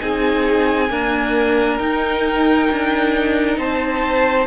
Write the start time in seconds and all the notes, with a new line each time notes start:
0.00 C4 D#4 G#4 G#5
0.90 A#3 D4 A#4
1.78 D#4 G5
2.71 D4
3.57 C4 C5 A5